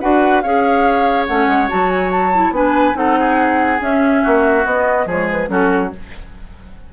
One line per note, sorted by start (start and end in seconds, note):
0.00 0.43 D4
0.00 0.43 F#4
0.00 0.43 B4
0.00 0.41 F#5
0.41 1.28 C#4
0.41 1.28 G#4
0.41 2.54 C#5
0.41 1.25 F5
1.26 1.47 A3
1.26 1.68 C#4
1.26 1.68 F#5
1.47 1.68 G#3
1.68 2.50 F#3
1.68 2.32 F#4
1.68 1.90 A5
1.90 2.11 G#5
2.11 2.53 A5
2.33 2.54 E4
2.50 2.93 B3
2.50 2.93 D4
2.50 2.97 B4
2.50 2.96 G#5
2.93 3.79 C4
2.93 3.78 D#4
2.93 3.19 A4
2.93 3.80 F#5
3.19 4.22 G#4
3.80 4.64 C#4
3.80 4.22 C#4
3.80 4.66 E5
4.22 4.65 A#3
4.22 5.06 F#4
4.65 5.05 B3
4.65 5.07 B3
4.65 5.08 D#5
5.05 5.48 F3
5.05 5.47 G#3
5.05 5.49 G#4
5.05 5.30 C#5
5.31 5.50 B4
5.47 5.91 F#3
5.47 5.90 C#4
5.47 5.93 F#4
5.47 5.92 A4